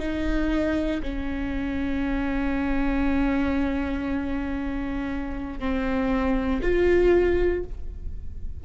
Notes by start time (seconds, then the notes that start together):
0.00 D#4
1.03 C#4
5.60 C4
6.62 F4